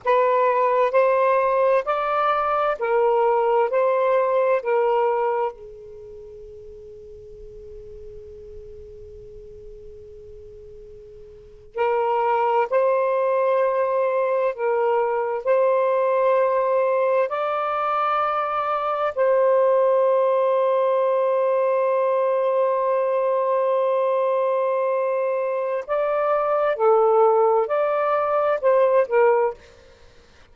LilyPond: \new Staff \with { instrumentName = "saxophone" } { \time 4/4 \tempo 4 = 65 b'4 c''4 d''4 ais'4 | c''4 ais'4 gis'2~ | gis'1~ | gis'8. ais'4 c''2 ais'16~ |
ais'8. c''2 d''4~ d''16~ | d''8. c''2.~ c''16~ | c''1 | d''4 a'4 d''4 c''8 ais'8 | }